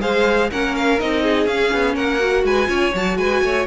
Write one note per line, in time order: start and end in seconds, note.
0.00 0.51 G#3
0.00 0.49 G#4
0.00 0.50 C5
0.00 0.50 F5
0.50 1.01 A#3
0.50 0.99 C#4
0.50 1.23 A#4
0.50 0.75 F#5
0.75 0.99 F5
0.99 1.46 C4
0.99 1.48 D#4
0.99 1.47 D#5
1.23 1.95 G#4
1.46 1.70 C#4
1.46 2.19 C#4
1.46 1.95 F5
1.72 1.95 B3
1.95 2.43 A#3
1.95 2.43 A#4
1.95 2.45 F#5
2.19 2.67 F#4
2.43 2.68 G#3
2.43 2.68 B4
2.43 2.95 G#5
2.67 2.93 C#4
2.67 2.91 F4
2.67 3.17 C#5
2.94 3.17 F#3
2.94 3.66 F#4
2.94 3.17 A5
3.17 3.42 G#3
3.17 3.43 B4
3.17 3.66 G#5
3.42 3.66 A3
3.42 3.66 C#5